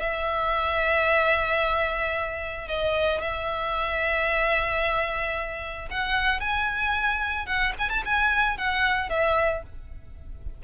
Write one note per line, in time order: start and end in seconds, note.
0.00 2.68 E5
2.68 3.21 D#5
3.21 5.89 E5
5.91 6.40 F#5
6.40 7.46 G#5
7.46 7.73 F#5
7.78 7.90 G#5
7.90 8.03 A5
8.05 8.57 G#5
8.57 9.09 F#5
9.09 9.63 E5